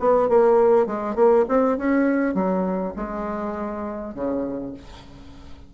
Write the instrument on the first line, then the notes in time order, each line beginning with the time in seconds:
bassoon
0.00 B3
0.29 A#3
0.87 G#3
1.16 A#3
1.49 C4
1.78 C#4
2.35 F#3
2.96 G#3
4.15 C#3